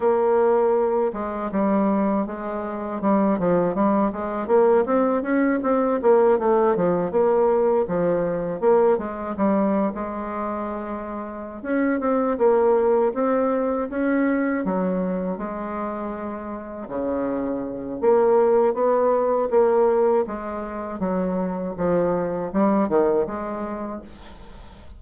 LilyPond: \new Staff \with { instrumentName = "bassoon" } { \time 4/4 \tempo 4 = 80 ais4. gis8 g4 gis4 | g8 f8 g8 gis8 ais8 c'8 cis'8 c'8 | ais8 a8 f8 ais4 f4 ais8 | gis8 g8. gis2~ gis16 cis'8 |
c'8 ais4 c'4 cis'4 fis8~ | fis8 gis2 cis4. | ais4 b4 ais4 gis4 | fis4 f4 g8 dis8 gis4 | }